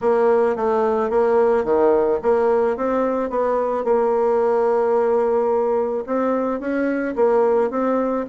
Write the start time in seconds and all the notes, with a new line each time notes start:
0.01 A#3
0.56 A3
1.10 A#3
1.64 D#3
2.22 A#3
2.76 C4
3.30 B3
3.84 A#3
6.06 C4
6.60 C#4
7.15 A#3
7.70 C4